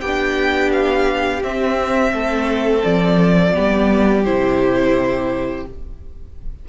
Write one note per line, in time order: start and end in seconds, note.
0.00 1.42 B3
0.00 1.42 D4
0.00 2.12 G4
0.00 0.71 G5
0.72 1.42 F5
1.42 3.53 C4
1.42 2.12 C4
1.42 2.84 E5
2.12 2.83 A3
2.12 3.53 A4
2.84 3.55 F3
2.84 4.24 D5
3.53 4.27 G3
3.53 4.24 B3
3.53 5.66 G4
4.24 5.68 C3
4.24 5.66 E4
4.24 5.66 C5